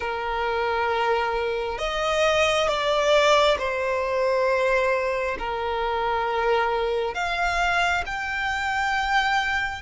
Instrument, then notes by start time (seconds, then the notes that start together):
violin
0.00 A#4
1.78 D#5
2.68 D5
3.58 C5
5.38 A#4
7.14 F5
8.06 G5